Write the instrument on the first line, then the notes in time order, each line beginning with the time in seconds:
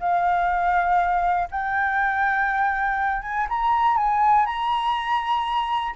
flute
0.00 F5
1.51 G5
3.22 G#5
3.50 A#5
3.97 G#5
4.46 A#5